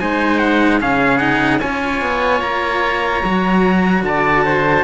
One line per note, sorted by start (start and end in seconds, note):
0.00 0.82 G#3
0.00 0.81 D#4
0.00 0.81 C5
0.00 0.39 G#5
0.39 0.79 F#5
0.81 1.63 C#3
0.81 1.20 C#4
0.81 1.61 G#4
0.81 1.19 F5
1.19 1.61 D#4
1.19 1.59 F#5
1.61 2.02 C#4
1.61 3.24 F4
1.61 4.04 C#5
1.61 2.42 G#5
2.02 2.42 B3
2.42 3.23 A#3
2.42 4.04 A#5
3.24 4.03 F#3
3.24 4.84 F#4
4.03 4.84 D3
4.03 4.45 D5
4.03 4.84 A5
4.45 4.84 C5